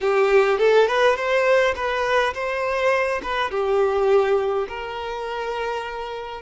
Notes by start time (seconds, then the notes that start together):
0.00 G4
0.58 A4
0.87 B4
1.16 C5
1.75 B4
2.34 C5
3.23 B4
3.50 G4
4.68 A#4